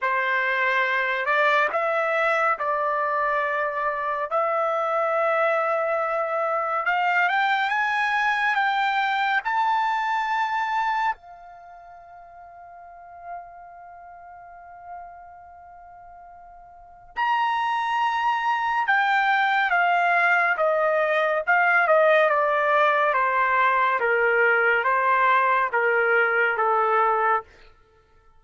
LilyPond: \new Staff \with { instrumentName = "trumpet" } { \time 4/4 \tempo 4 = 70 c''4. d''8 e''4 d''4~ | d''4 e''2. | f''8 g''8 gis''4 g''4 a''4~ | a''4 f''2.~ |
f''1 | ais''2 g''4 f''4 | dis''4 f''8 dis''8 d''4 c''4 | ais'4 c''4 ais'4 a'4 | }